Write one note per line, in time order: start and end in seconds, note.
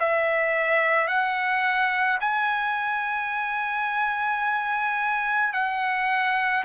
0.00 1.08 E5
1.08 2.19 F#5
2.20 5.53 G#5
5.53 6.64 F#5